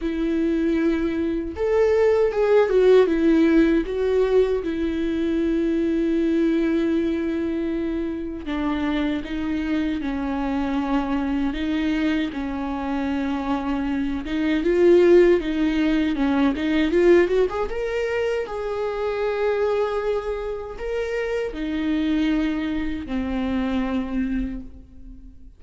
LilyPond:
\new Staff \with { instrumentName = "viola" } { \time 4/4 \tempo 4 = 78 e'2 a'4 gis'8 fis'8 | e'4 fis'4 e'2~ | e'2. d'4 | dis'4 cis'2 dis'4 |
cis'2~ cis'8 dis'8 f'4 | dis'4 cis'8 dis'8 f'8 fis'16 gis'16 ais'4 | gis'2. ais'4 | dis'2 c'2 | }